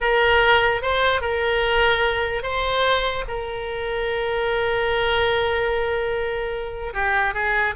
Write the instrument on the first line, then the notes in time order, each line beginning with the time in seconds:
oboe
0.00 A#4
0.81 C5
1.21 A#4
2.42 C5
3.27 A#4
6.93 G4
7.34 G#4